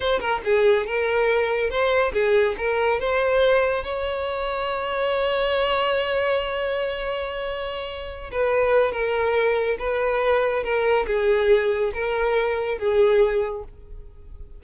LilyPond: \new Staff \with { instrumentName = "violin" } { \time 4/4 \tempo 4 = 141 c''8 ais'8 gis'4 ais'2 | c''4 gis'4 ais'4 c''4~ | c''4 cis''2.~ | cis''1~ |
cis''2.~ cis''8 b'8~ | b'4 ais'2 b'4~ | b'4 ais'4 gis'2 | ais'2 gis'2 | }